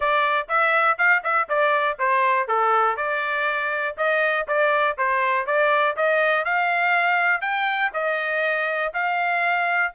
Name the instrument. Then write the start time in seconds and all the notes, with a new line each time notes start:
trumpet
0.00 D5
0.48 E5
0.98 F5
1.23 E5
1.48 D5
1.98 C5
2.48 A4
2.96 D5
3.97 D#5
4.47 D5
4.97 C5
5.46 D5
5.96 D#5
6.45 F5
7.41 G5
7.93 D#5
8.93 F5